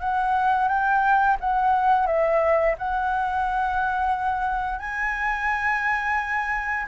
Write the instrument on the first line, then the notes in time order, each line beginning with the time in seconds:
flute
0.00 F#5
0.68 G5
1.40 F#5
2.07 E5
2.78 F#5
4.79 G#5